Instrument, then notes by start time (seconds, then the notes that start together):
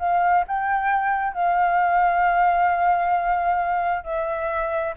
flute
0.00 F5
0.48 G5
1.34 F5
4.04 E5